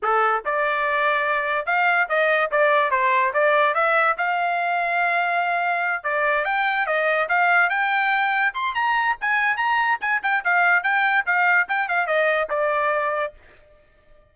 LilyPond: \new Staff \with { instrumentName = "trumpet" } { \time 4/4 \tempo 4 = 144 a'4 d''2. | f''4 dis''4 d''4 c''4 | d''4 e''4 f''2~ | f''2~ f''8 d''4 g''8~ |
g''8 dis''4 f''4 g''4.~ | g''8 c'''8 ais''4 gis''4 ais''4 | gis''8 g''8 f''4 g''4 f''4 | g''8 f''8 dis''4 d''2 | }